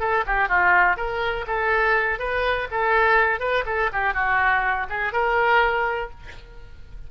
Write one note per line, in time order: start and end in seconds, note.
0.00 0.24 A4
0.26 0.49 G4
0.49 0.97 F4
0.97 1.46 A#4
1.47 2.19 A4
2.19 2.68 B4
2.71 3.40 A4
3.40 3.64 B4
3.66 3.90 A4
3.93 4.14 G4
4.14 4.87 F#4
4.90 5.13 G#4
5.13 6.10 A#4